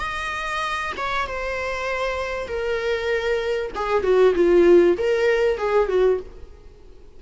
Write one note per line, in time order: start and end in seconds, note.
0.00 0.93 D#5
0.97 1.27 C#5
1.27 2.48 C5
2.48 3.72 A#4
3.75 4.03 G#4
4.03 4.34 F#4
4.36 4.97 F4
4.98 5.58 A#4
5.58 5.89 G#4
5.89 6.20 F#4